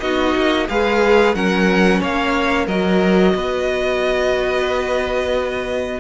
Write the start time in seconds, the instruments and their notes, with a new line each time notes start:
0.00 cello B3, viola D#4, violin F#4 D#5
0.35 cello A#3
0.67 cello G#3, viola G#4, violin B4 F5
1.34 cello F#3, viola C#4, violin A#4 F#5
2.00 cello A#3, violin C#5 F5
2.66 cello F#3, viola F#4, violin A#4 D#5
3.34 cello B3, violin B4